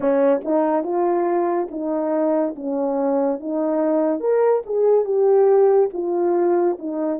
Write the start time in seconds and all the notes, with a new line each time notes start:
0.00 C#4
0.44 D#4
0.83 F4
1.70 D#4
2.55 C#4
3.40 D#4
4.20 A#4
4.66 G#4
5.05 G4
5.93 F4
6.78 D#4